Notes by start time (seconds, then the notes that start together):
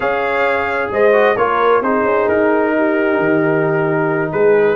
0.00 C#4 G#4 C#5 F5
0.90 G#3 C5 D#5
1.12 F#4
1.36 A#3 F4 A#4 C#5
1.81 C4 D#4 G#4 C5
2.03 C#4
2.28 D#4 A#4
2.76 G4
3.18 D#3
4.31 G#3 G#4 B4